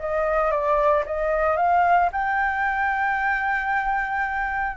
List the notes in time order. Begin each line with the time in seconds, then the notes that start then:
0.00 D#5
0.51 D5
1.06 D#5
1.57 F5
2.13 G5